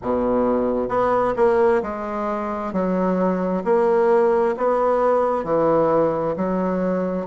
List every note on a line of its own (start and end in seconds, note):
0.02 0.88 B2
0.88 1.34 B3
1.36 1.82 A#3
1.82 2.72 G#3
2.72 3.63 F#3
3.64 4.55 A#3
4.57 5.44 B3
5.44 6.35 E3
6.36 7.26 F#3